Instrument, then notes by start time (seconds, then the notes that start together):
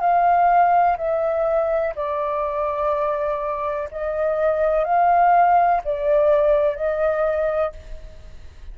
flute
0.00 F5
0.97 E5
1.95 D5
3.91 D#5
4.84 F5
5.84 D5
6.76 D#5